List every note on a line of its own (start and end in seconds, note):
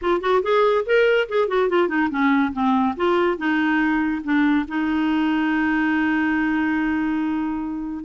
0.01 0.21 F4
0.21 0.42 F#4
0.42 0.85 G#4
0.85 1.28 A#4
1.28 1.48 G#4
1.48 1.69 F#4
1.69 1.88 F4
1.88 2.09 D#4
2.10 2.52 C#4
2.52 2.95 C4
2.96 3.37 F4
3.37 4.22 D#4
4.23 4.66 D4
4.68 8.04 D#4